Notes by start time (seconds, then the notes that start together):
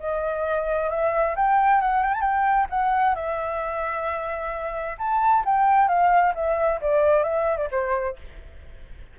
0.00 D#5
0.90 E5
1.36 G5
1.81 F#5
2.03 G5
2.14 A5
2.21 G5
2.70 F#5
3.15 E5
4.98 A5
5.45 G5
5.88 F5
6.35 E5
6.81 D5
7.23 E5
7.57 D5
7.71 C5